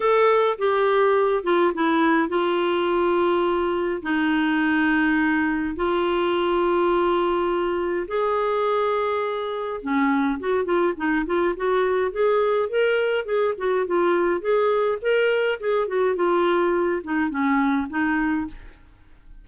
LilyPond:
\new Staff \with { instrumentName = "clarinet" } { \time 4/4 \tempo 4 = 104 a'4 g'4. f'8 e'4 | f'2. dis'4~ | dis'2 f'2~ | f'2 gis'2~ |
gis'4 cis'4 fis'8 f'8 dis'8 f'8 | fis'4 gis'4 ais'4 gis'8 fis'8 | f'4 gis'4 ais'4 gis'8 fis'8 | f'4. dis'8 cis'4 dis'4 | }